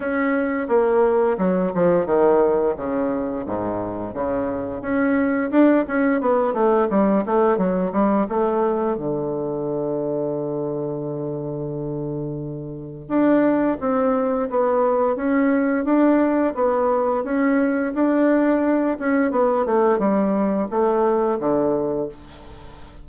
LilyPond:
\new Staff \with { instrumentName = "bassoon" } { \time 4/4 \tempo 4 = 87 cis'4 ais4 fis8 f8 dis4 | cis4 gis,4 cis4 cis'4 | d'8 cis'8 b8 a8 g8 a8 fis8 g8 | a4 d2.~ |
d2. d'4 | c'4 b4 cis'4 d'4 | b4 cis'4 d'4. cis'8 | b8 a8 g4 a4 d4 | }